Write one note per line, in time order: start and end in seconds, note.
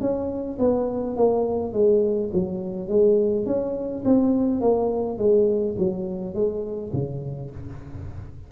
0.00 0.58 C#4
0.58 1.16 B3
1.16 1.72 A#3
1.72 2.30 G#3
2.33 2.88 F#3
2.88 3.46 G#3
3.46 4.03 C#4
4.05 4.60 C4
4.60 5.18 A#3
5.18 5.75 G#3
5.77 6.34 F#3
6.34 6.92 G#3
6.92 7.50 C#3